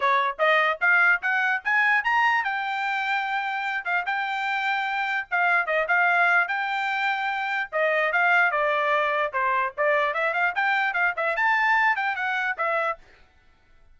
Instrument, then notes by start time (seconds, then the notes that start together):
trumpet
0.00 C#5
0.39 D#5
0.81 F5
1.22 F#5
1.64 G#5
2.04 A#5
2.44 G5
3.84 F5
4.05 G5
5.31 F5
5.66 D#5
5.87 F5
6.48 G5
7.72 D#5
8.12 F5
8.51 D5
9.32 C5
9.77 D5
10.14 E5
10.33 F5
10.55 G5
10.93 F5
11.16 E5
11.36 A5
11.96 G5
12.15 F#5
12.57 E5